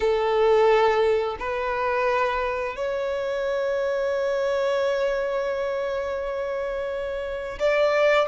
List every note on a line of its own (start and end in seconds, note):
0.00 1.36 A4
1.39 2.76 B4
2.76 7.58 C#5
7.59 8.28 D5